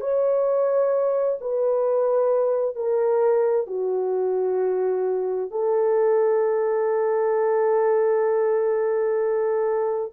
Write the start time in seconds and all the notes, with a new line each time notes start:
0.00 C#5
1.41 B4
2.75 A#4
3.66 F#4
5.50 A4